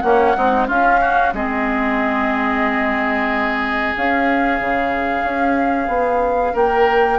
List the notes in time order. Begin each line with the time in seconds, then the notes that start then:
0.00 A#3 C#4 F#5
0.35 G#3 C4 D#4
0.67 C#4 F4 F5
1.01 F#4
1.33 G#3 C4 G#4 D#5
3.96 C#4 F5
4.60 C#3
5.23 C#4
5.87 B3
6.53 A#3 A#4 G5